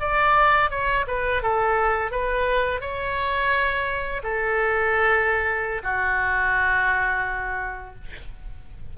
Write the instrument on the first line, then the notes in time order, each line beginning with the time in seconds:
oboe
0.00 D5
0.70 C#5
1.07 B4
1.42 A4
2.11 B4
2.81 C#5
4.24 A4
5.83 F#4